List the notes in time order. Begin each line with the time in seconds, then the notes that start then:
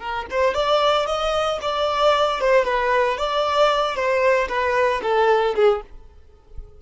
0.00 A#4
0.31 C5
0.54 D5
1.07 D#5
1.62 D5
2.41 C5
2.65 B4
3.18 D5
3.96 C5
4.49 B4
5.03 A4
5.56 G#4